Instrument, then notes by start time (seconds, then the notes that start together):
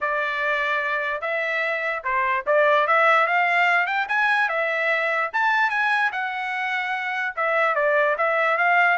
trumpet
0.00 D5
1.21 E5
2.04 C5
2.46 D5
2.87 E5
3.26 F5
3.86 G5
4.08 G#5
4.48 E5
5.33 A5
5.69 G#5
6.12 F#5
7.36 E5
7.75 D5
8.17 E5
8.57 F5